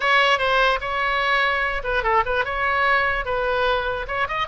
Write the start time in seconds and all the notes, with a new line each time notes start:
0.00 C#5
0.38 C5
0.81 C#5
1.83 B4
2.03 A4
2.25 B4
2.45 C#5
3.25 B4
4.07 C#5
4.28 D#5